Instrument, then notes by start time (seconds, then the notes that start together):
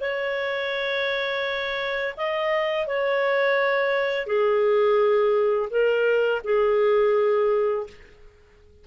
clarinet
0.00 C#5
2.16 D#5
2.86 C#5
4.26 G#4
5.70 A#4
6.44 G#4